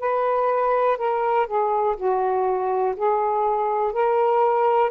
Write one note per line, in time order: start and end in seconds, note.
0.00 0.98 B4
0.98 1.47 A#4
1.47 1.96 G#4
1.97 2.95 F#4
2.96 3.93 G#4
3.93 4.91 A#4